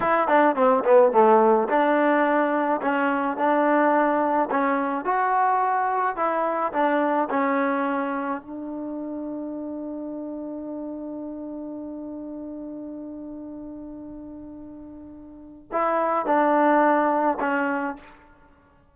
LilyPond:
\new Staff \with { instrumentName = "trombone" } { \time 4/4 \tempo 4 = 107 e'8 d'8 c'8 b8 a4 d'4~ | d'4 cis'4 d'2 | cis'4 fis'2 e'4 | d'4 cis'2 d'4~ |
d'1~ | d'1~ | d'1 | e'4 d'2 cis'4 | }